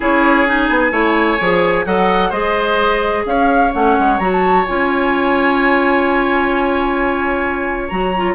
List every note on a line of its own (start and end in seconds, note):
0.00 0.69 C#4
0.00 0.46 E4
0.00 0.92 G#4
0.00 0.47 C#5
0.46 0.91 D#4
0.46 1.85 G#5
0.69 0.91 B3
0.91 1.38 A3
0.91 1.37 E4
0.91 1.85 C#5
1.40 1.85 F3
1.40 1.85 G#4
1.85 2.31 F#3
1.85 2.32 A4
1.85 2.29 D#5
1.85 2.32 F#5
2.29 3.24 G#3
2.29 3.72 G#4
2.29 3.22 C5
2.29 3.25 D#5
3.25 3.72 C#4
3.25 8.34 C#5
3.25 3.73 F5
3.72 3.97 A3
3.72 4.19 C#4
3.72 4.19 F#5
3.98 4.19 G#3
4.19 4.65 F#3
4.19 4.66 F#4
4.19 4.30 A#5
4.32 4.66 A5
4.66 7.91 C#4
4.66 7.90 F4
4.66 7.88 G#5
7.88 8.34 F#3
7.88 8.13 F#4
7.88 8.34 A#5
8.16 8.34 F4